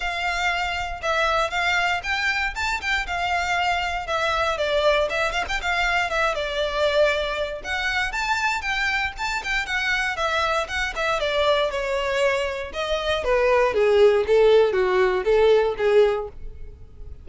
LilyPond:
\new Staff \with { instrumentName = "violin" } { \time 4/4 \tempo 4 = 118 f''2 e''4 f''4 | g''4 a''8 g''8 f''2 | e''4 d''4 e''8 f''16 g''16 f''4 | e''8 d''2~ d''8 fis''4 |
a''4 g''4 a''8 g''8 fis''4 | e''4 fis''8 e''8 d''4 cis''4~ | cis''4 dis''4 b'4 gis'4 | a'4 fis'4 a'4 gis'4 | }